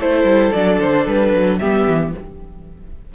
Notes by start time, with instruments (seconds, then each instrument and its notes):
0.00 cello A3, viola E4, violin A4 C5
0.24 cello G3
0.53 cello F#3, viola D4, violin D5
0.80 cello D3, violin C5
1.07 cello G3, violin B4
1.34 cello F#3
1.59 cello G3, viola B3, violin G4 E5
1.87 cello E3